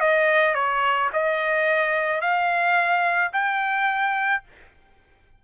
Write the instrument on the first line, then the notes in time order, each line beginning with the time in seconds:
trumpet
0.00 D#5
0.55 C#5
1.13 D#5
2.21 F5
3.33 G5